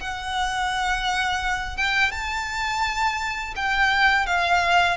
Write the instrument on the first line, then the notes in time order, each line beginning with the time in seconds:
violin
0.00 F#5
1.77 G5
2.12 A5
3.56 G5
4.26 F5